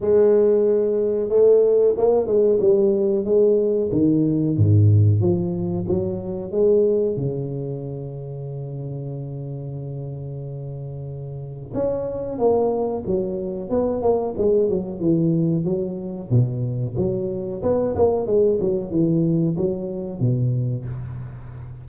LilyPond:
\new Staff \with { instrumentName = "tuba" } { \time 4/4 \tempo 4 = 92 gis2 a4 ais8 gis8 | g4 gis4 dis4 gis,4 | f4 fis4 gis4 cis4~ | cis1~ |
cis2 cis'4 ais4 | fis4 b8 ais8 gis8 fis8 e4 | fis4 b,4 fis4 b8 ais8 | gis8 fis8 e4 fis4 b,4 | }